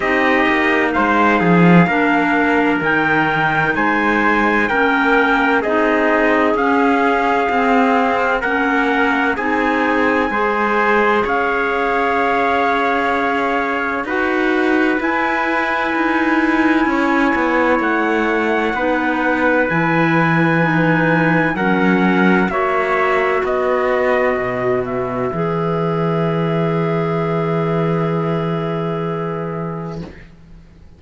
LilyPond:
<<
  \new Staff \with { instrumentName = "trumpet" } { \time 4/4 \tempo 4 = 64 dis''4 f''2 g''4 | gis''4 g''4 dis''4 f''4~ | f''4 fis''4 gis''2 | f''2. fis''4 |
gis''2. fis''4~ | fis''4 gis''2 fis''4 | e''4 dis''4. e''4.~ | e''1 | }
  \new Staff \with { instrumentName = "trumpet" } { \time 4/4 g'4 c''8 gis'8 ais'2 | c''4 ais'4 gis'2~ | gis'4 ais'4 gis'4 c''4 | cis''2. b'4~ |
b'2 cis''2 | b'2. ais'4 | cis''4 b'2.~ | b'1 | }
  \new Staff \with { instrumentName = "clarinet" } { \time 4/4 dis'2 d'4 dis'4~ | dis'4 cis'4 dis'4 cis'4 | c'4 cis'4 dis'4 gis'4~ | gis'2. fis'4 |
e'1 | dis'4 e'4 dis'4 cis'4 | fis'2. gis'4~ | gis'1 | }
  \new Staff \with { instrumentName = "cello" } { \time 4/4 c'8 ais8 gis8 f8 ais4 dis4 | gis4 ais4 c'4 cis'4 | c'4 ais4 c'4 gis4 | cis'2. dis'4 |
e'4 dis'4 cis'8 b8 a4 | b4 e2 fis4 | ais4 b4 b,4 e4~ | e1 | }
>>